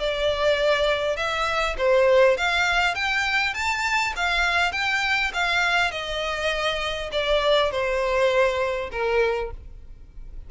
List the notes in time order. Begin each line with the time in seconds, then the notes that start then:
0.00 D5
1.17 E5
1.78 C5
2.37 F5
2.95 G5
3.54 A5
4.16 F5
4.72 G5
5.34 F5
5.92 D#5
7.12 D5
7.71 C5
8.92 A#4